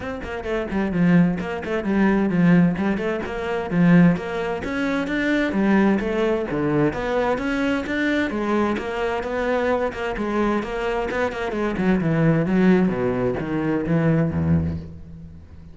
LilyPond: \new Staff \with { instrumentName = "cello" } { \time 4/4 \tempo 4 = 130 c'8 ais8 a8 g8 f4 ais8 a8 | g4 f4 g8 a8 ais4 | f4 ais4 cis'4 d'4 | g4 a4 d4 b4 |
cis'4 d'4 gis4 ais4 | b4. ais8 gis4 ais4 | b8 ais8 gis8 fis8 e4 fis4 | b,4 dis4 e4 e,4 | }